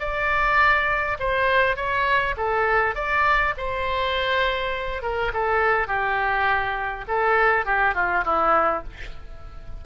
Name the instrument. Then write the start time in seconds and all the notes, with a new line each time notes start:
oboe
0.00 D5
1.20 C5
1.76 C#5
2.37 A4
2.95 D5
3.57 C5
5.02 A#4
5.34 A4
5.88 G4
7.08 A4
7.66 G4
7.95 F4
8.25 E4